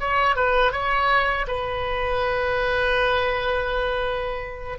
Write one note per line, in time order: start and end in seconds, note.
0.00 0.36 C#5
0.36 0.73 B4
0.73 1.47 C#5
1.48 4.79 B4